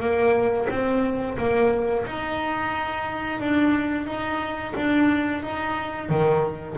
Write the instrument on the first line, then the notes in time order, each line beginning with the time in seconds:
double bass
0.00 A#3
0.70 C4
1.38 A#3
2.06 D#4
3.40 D4
4.06 D#4
4.76 D4
5.43 D#4
6.09 D#3